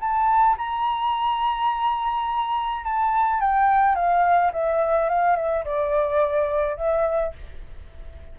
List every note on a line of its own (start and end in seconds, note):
0.00 0.57 A5
0.58 2.84 A#5
2.84 3.41 A5
3.41 3.95 G5
3.95 4.52 F5
4.53 5.09 E5
5.09 5.36 F5
5.36 5.64 E5
5.65 6.76 D5
6.76 7.33 E5